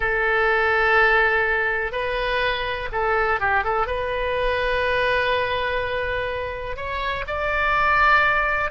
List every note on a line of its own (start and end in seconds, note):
0.00 1.92 A4
1.92 2.88 B4
2.91 3.40 A4
3.40 3.64 G4
3.64 3.86 A4
3.86 6.76 B4
6.76 7.24 C#5
7.27 8.71 D5